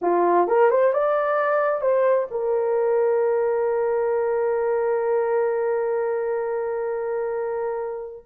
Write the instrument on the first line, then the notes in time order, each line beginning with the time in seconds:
horn
0.01 F4
0.47 A#4
0.70 C5
0.93 D5
1.81 C5
2.30 A#4